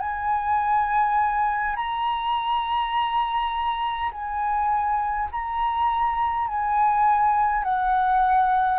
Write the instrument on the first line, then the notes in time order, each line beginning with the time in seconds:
flute
0.00 G#5
1.76 A#5
4.11 G#5
5.32 A#5
6.48 G#5
7.64 F#5